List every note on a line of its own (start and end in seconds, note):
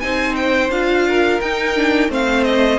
0.00 0.69 C4
0.00 0.71 D#4
0.00 1.08 C5
0.00 0.35 G#5
0.36 0.71 G5
0.69 1.39 D4
0.69 1.41 F4
0.69 1.41 F5
1.08 2.11 A#4
1.41 2.09 D#4
1.41 1.76 D#4
1.41 2.10 G5
1.76 2.10 D4
2.09 2.79 A3
2.09 2.79 C4
2.09 2.79 C5
2.09 2.44 F5
2.44 2.79 D#5